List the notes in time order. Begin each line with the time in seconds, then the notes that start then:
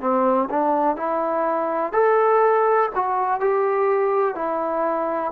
0.00 C4
0.50 D4
0.96 E4
1.92 A4
2.95 F#4
3.40 G4
4.35 E4